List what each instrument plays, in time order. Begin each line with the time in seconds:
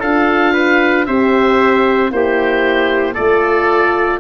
0.00 tuba D4, horn F4, trumpet A4, oboe F5
0.53 trumpet B4
1.06 tuba C4, horn G4, trumpet C5, oboe E5
2.10 tuba A#3, horn E4, trumpet G4, oboe C5
3.14 tuba A3, horn F4, trumpet A4, oboe D5